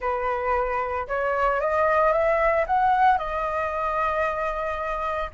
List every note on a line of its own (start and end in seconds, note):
0.00 1.07 B4
1.07 1.60 C#5
1.60 2.12 D#5
2.12 2.65 E5
2.67 3.18 F#5
3.18 5.30 D#5